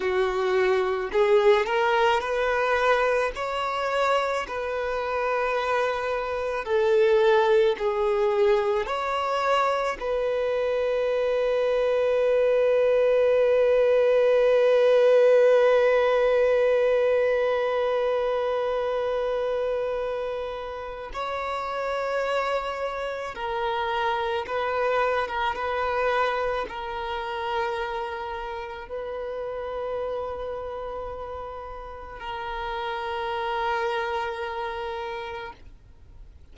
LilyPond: \new Staff \with { instrumentName = "violin" } { \time 4/4 \tempo 4 = 54 fis'4 gis'8 ais'8 b'4 cis''4 | b'2 a'4 gis'4 | cis''4 b'2.~ | b'1~ |
b'2. cis''4~ | cis''4 ais'4 b'8. ais'16 b'4 | ais'2 b'2~ | b'4 ais'2. | }